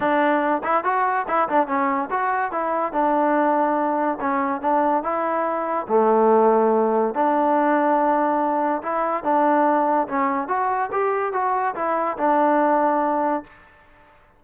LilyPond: \new Staff \with { instrumentName = "trombone" } { \time 4/4 \tempo 4 = 143 d'4. e'8 fis'4 e'8 d'8 | cis'4 fis'4 e'4 d'4~ | d'2 cis'4 d'4 | e'2 a2~ |
a4 d'2.~ | d'4 e'4 d'2 | cis'4 fis'4 g'4 fis'4 | e'4 d'2. | }